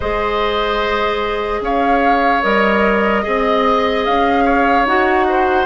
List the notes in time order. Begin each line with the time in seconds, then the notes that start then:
0.00 G#3 G#4 C5 D#5
1.60 C#4 C#5 F5
2.42 G3 A#4 D#5
3.22 C4 G#4 D#5
4.04 C#4 F5
4.44 C#5
4.85 D#4 F#4 F#5
5.29 C5